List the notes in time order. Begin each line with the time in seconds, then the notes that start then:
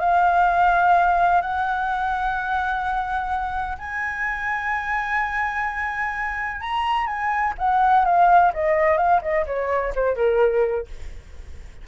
0.00 F5
1.42 F#5
3.79 G#5
6.61 A#5
7.07 G#5
7.58 F#5
8.06 F5
8.54 D#5
8.98 F5
9.22 D#5
9.47 C#5
9.96 C5
10.16 A#4